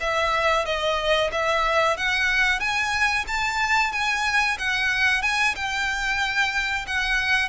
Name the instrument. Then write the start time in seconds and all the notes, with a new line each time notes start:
violin
0.00 E5
0.65 D#5
1.31 E5
1.97 F#5
2.59 G#5
3.27 A5
3.92 G#5
4.58 F#5
5.22 G#5
5.55 G5
6.87 F#5